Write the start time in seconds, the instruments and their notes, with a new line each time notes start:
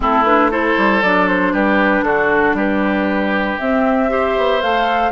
0.00 bassoon A3, clarinet C4, oboe E4, flute A4
0.24 clarinet D4, flute B4
0.50 clarinet E4, oboe A4, flute C5
0.77 bassoon G3
1.02 bassoon F#3, clarinet D4, flute D5
1.28 flute C5
1.53 bassoon G3, oboe G4, flute B4
2.02 bassoon D3, oboe F#4, flute A4
2.53 bassoon G3, oboe G4, flute B4
3.59 clarinet C4, bassoon C4, flute E5
4.09 clarinet G4, oboe C5
4.37 bassoon B3
4.61 bassoon A3, clarinet A4, flute F5